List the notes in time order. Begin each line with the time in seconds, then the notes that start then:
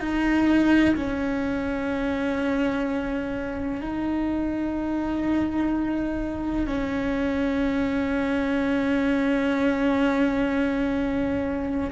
0.00 D#4
0.96 C#4
3.81 D#4
6.67 C#4